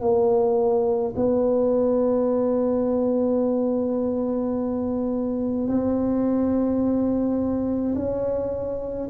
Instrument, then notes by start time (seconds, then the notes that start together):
tuba
0.00 A#3
1.16 B3
5.68 C4
7.95 C#4